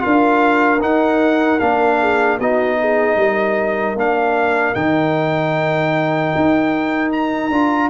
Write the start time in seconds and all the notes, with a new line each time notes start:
0.00 D4 F4 A#4 F5
0.80 D#4 F#5
1.59 A#3 D4 F5
2.00 G#4
2.38 B3 D#4 F#4 D#5
2.80 G#4
3.16 G3 A#4
3.95 A#3 D4 F5
4.74 D#3 D#4 G5
6.36 D#4
7.12 A#5
7.50 D4 F4